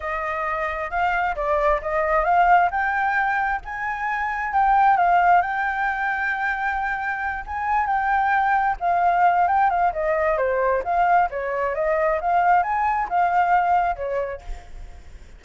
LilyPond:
\new Staff \with { instrumentName = "flute" } { \time 4/4 \tempo 4 = 133 dis''2 f''4 d''4 | dis''4 f''4 g''2 | gis''2 g''4 f''4 | g''1~ |
g''8 gis''4 g''2 f''8~ | f''4 g''8 f''8 dis''4 c''4 | f''4 cis''4 dis''4 f''4 | gis''4 f''2 cis''4 | }